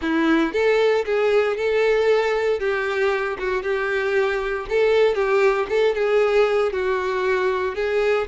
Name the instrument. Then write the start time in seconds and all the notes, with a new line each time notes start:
violin
0.01 E4
0.52 A4
1.05 G#4
1.56 A4
2.59 G4
3.39 F#4
3.63 G4
4.69 A4
5.15 G4
5.69 A4
5.94 G#4
6.72 F#4
7.75 G#4